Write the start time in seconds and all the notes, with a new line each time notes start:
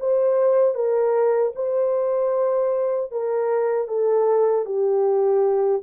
0.00 C5
0.75 A#4
1.56 C5
3.12 A#4
3.88 A4
4.66 G4